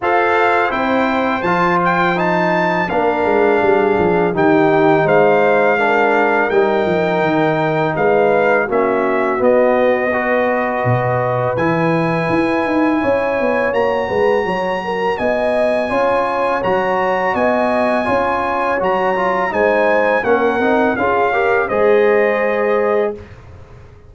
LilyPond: <<
  \new Staff \with { instrumentName = "trumpet" } { \time 4/4 \tempo 4 = 83 f''4 g''4 a''8 g''8 a''4 | f''2 g''4 f''4~ | f''4 g''2 f''4 | e''4 dis''2. |
gis''2. ais''4~ | ais''4 gis''2 ais''4 | gis''2 ais''4 gis''4 | fis''4 f''4 dis''2 | }
  \new Staff \with { instrumentName = "horn" } { \time 4/4 c''1 | ais'4 gis'4 g'4 c''4 | ais'2. b'4 | fis'2 b'2~ |
b'2 cis''4. b'8 | cis''8 ais'8 dis''4 cis''2 | dis''4 cis''2 c''4 | ais'4 gis'8 ais'8 c''2 | }
  \new Staff \with { instrumentName = "trombone" } { \time 4/4 a'4 e'4 f'4 dis'4 | d'2 dis'2 | d'4 dis'2. | cis'4 b4 fis'2 |
e'2. fis'4~ | fis'2 f'4 fis'4~ | fis'4 f'4 fis'8 f'8 dis'4 | cis'8 dis'8 f'8 g'8 gis'2 | }
  \new Staff \with { instrumentName = "tuba" } { \time 4/4 f'4 c'4 f2 | ais8 gis8 g8 f8 dis4 gis4~ | gis4 g8 f8 dis4 gis4 | ais4 b2 b,4 |
e4 e'8 dis'8 cis'8 b8 ais8 gis8 | fis4 b4 cis'4 fis4 | b4 cis'4 fis4 gis4 | ais8 c'8 cis'4 gis2 | }
>>